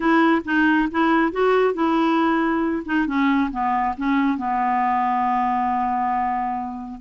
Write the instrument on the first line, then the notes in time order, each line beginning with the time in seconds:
clarinet
0.00 E4
0.44 D#4
0.91 E4
1.31 F#4
1.73 E4
2.85 D#4
3.06 C#4
3.51 B3
3.97 C#4
4.37 B3